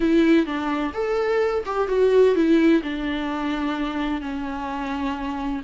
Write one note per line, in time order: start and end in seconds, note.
0.00 0.45 E4
0.45 0.92 D4
0.93 1.63 A4
1.65 1.88 G4
1.88 2.35 F#4
2.35 2.82 E4
2.82 4.21 D4
4.21 5.61 C#4